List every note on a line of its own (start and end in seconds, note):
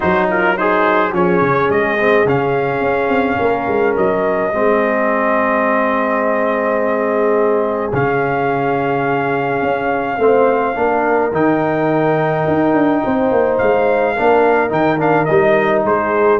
0.00 1.12 F#3
0.00 0.56 D#4
0.00 0.28 F#4
0.00 0.29 C5
0.29 0.55 F4
0.29 0.57 A#4
0.55 1.12 D#4
0.55 1.12 G#4
0.55 1.13 C5
1.12 1.41 F3
1.12 1.97 C#4
1.12 3.39 G#4
1.12 1.70 C#5
1.41 1.69 C#3
1.69 2.25 G#3
1.69 2.27 D#5
1.98 2.26 C4
2.25 2.80 C#3
2.25 4.52 C#4
2.25 3.96 F5
2.80 3.08 C#4
3.08 3.36 C4
3.39 3.67 A#3
3.39 4.52 A#4
3.67 3.95 G#3
3.96 4.52 F#3
3.96 7.93 D#5
4.52 7.92 G#3
4.52 7.92 C4
4.52 10.19 G#4
7.93 9.62 C#3
7.93 10.18 C#4
7.93 11.34 F5
9.62 10.17 C#4
10.17 10.74 A3
10.17 10.75 C4
10.17 10.75 C5
10.75 11.31 A#3
10.75 11.31 D4
10.75 13.02 A#4
11.31 12.45 D#3
11.31 14.16 D#4
11.31 13.58 G5
12.47 12.74 D#4
12.74 13.02 D4
13.03 13.31 C4
13.03 14.16 C5
13.31 13.59 A#3
13.58 14.18 G#3
13.58 14.71 F5
14.16 14.71 A#3
14.16 14.68 D4
14.16 15.85 A#4
14.68 15.27 D#3
14.68 14.97 D#4
14.68 15.00 G5
14.98 15.26 D4
14.98 15.25 F5
15.25 15.84 G3
15.25 16.40 D#4
15.25 15.82 D#5
15.84 16.40 G#3
15.84 16.40 G#4
15.84 16.40 C5